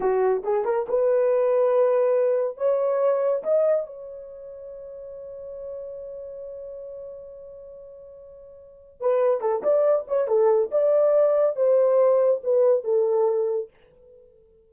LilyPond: \new Staff \with { instrumentName = "horn" } { \time 4/4 \tempo 4 = 140 fis'4 gis'8 ais'8 b'2~ | b'2 cis''2 | dis''4 cis''2.~ | cis''1~ |
cis''1~ | cis''4 b'4 a'8 d''4 cis''8 | a'4 d''2 c''4~ | c''4 b'4 a'2 | }